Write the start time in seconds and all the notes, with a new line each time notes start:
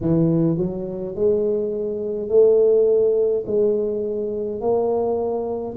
0.00 E3
0.57 F#3
1.15 G#3
2.28 A3
3.46 G#3
4.60 A#3